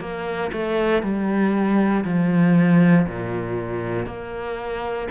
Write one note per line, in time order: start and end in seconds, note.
0.00 0.51 A#3
0.52 1.02 A3
1.02 2.04 G3
2.04 3.06 F3
3.06 4.06 A#2
4.06 5.08 A#3